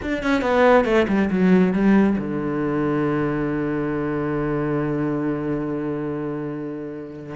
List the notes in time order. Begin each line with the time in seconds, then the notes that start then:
0.02 D4
0.22 C#4
0.41 B3
0.84 A3
1.08 G3
1.30 F#3
1.73 G3
2.18 D3